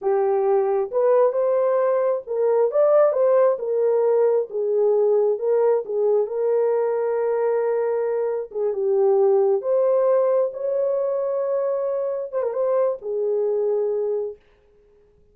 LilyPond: \new Staff \with { instrumentName = "horn" } { \time 4/4 \tempo 4 = 134 g'2 b'4 c''4~ | c''4 ais'4 d''4 c''4 | ais'2 gis'2 | ais'4 gis'4 ais'2~ |
ais'2. gis'8 g'8~ | g'4. c''2 cis''8~ | cis''2.~ cis''8 c''16 ais'16 | c''4 gis'2. | }